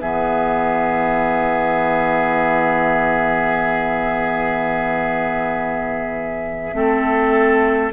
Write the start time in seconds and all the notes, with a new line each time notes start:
0.00 E3 B3 G#4 E5
6.74 A3 C4 A4